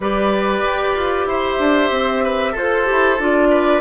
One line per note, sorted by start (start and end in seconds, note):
0.00 0.62 G3
0.00 2.56 G4
0.00 1.28 B4
0.00 1.29 D5
0.64 0.95 G4
0.95 1.25 F4
1.25 1.57 E4
1.25 2.23 C5
1.25 2.57 E5
1.59 1.90 D4
1.90 2.54 C4
2.23 2.52 B4
2.52 2.87 F4
2.52 3.47 A4
2.52 2.85 A4
2.52 3.21 C5
2.85 3.19 E4
2.85 3.16 G4
3.19 3.80 D4
3.19 3.80 F4
3.19 3.80 D5
3.50 3.80 B4